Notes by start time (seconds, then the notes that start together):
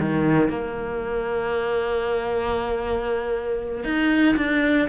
0.00 D#3
0.49 A#3
3.84 D#4
4.37 D4